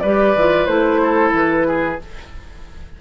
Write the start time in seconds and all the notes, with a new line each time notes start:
0.00 G3 G4 B4 D5
0.36 E3 F4
0.66 A3 E4 C5
1.03 A4
1.33 E3 B4
1.68 G#4